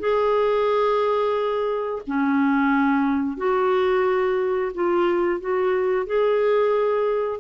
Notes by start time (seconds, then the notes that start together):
0.00 G#4
2.07 C#4
3.37 F#4
4.74 F4
5.40 F#4
6.07 G#4